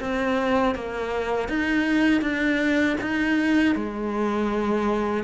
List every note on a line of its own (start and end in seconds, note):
0.00 0.75 C4
0.75 1.49 A#3
1.49 2.22 D#4
2.22 2.97 D4
3.01 3.76 D#4
3.76 5.24 G#3